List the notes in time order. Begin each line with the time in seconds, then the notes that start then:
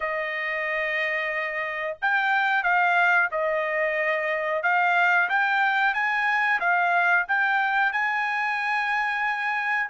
0.00 D#5
2.01 G5
2.63 F5
3.31 D#5
4.62 F5
5.29 G5
5.93 G#5
6.60 F5
7.28 G5
7.92 G#5